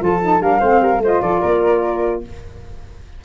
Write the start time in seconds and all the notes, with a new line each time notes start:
0.00 F3 F4 A4 A5
0.22 D#4
0.40 G3 D4 A#4 F5
0.59 A3 C4 C5
0.80 G3 A#4
0.98 A3 F4 C5
1.04 D#5
1.21 F3 A4 D5
1.40 A#3 A#4